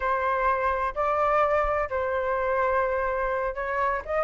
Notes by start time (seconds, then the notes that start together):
0.00 C5
0.94 D5
1.89 C5
3.54 C#5
4.05 D#5